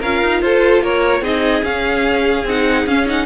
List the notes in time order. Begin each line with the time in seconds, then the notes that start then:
0.00 C#4 F4 A#4 F5
0.22 D#4
0.42 F4 A4 C5
0.82 A#3 A#4 C#5
1.21 C4 D#4 G#4 D#5
1.63 C#4 F5
2.44 C4 D#4 F#5
2.86 C#4 F5
3.06 D#4 F#5